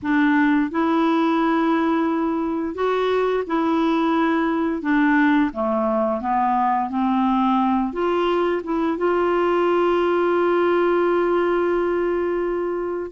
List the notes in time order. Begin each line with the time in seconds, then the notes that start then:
0.02 D4
0.71 E4
2.74 F#4
3.47 E4
4.82 D4
5.53 A3
6.20 B3
6.89 C4
7.92 F4
8.63 E4
8.97 F4